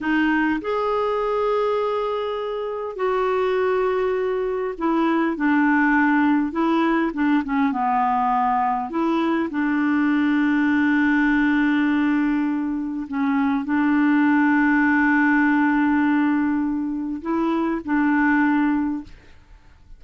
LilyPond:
\new Staff \with { instrumentName = "clarinet" } { \time 4/4 \tempo 4 = 101 dis'4 gis'2.~ | gis'4 fis'2. | e'4 d'2 e'4 | d'8 cis'8 b2 e'4 |
d'1~ | d'2 cis'4 d'4~ | d'1~ | d'4 e'4 d'2 | }